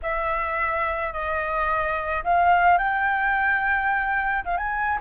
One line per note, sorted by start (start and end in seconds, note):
0.02 1.12 E5
1.12 2.23 D#5
2.23 2.78 F5
2.78 4.44 G5
4.44 4.57 F5
4.57 4.98 G#5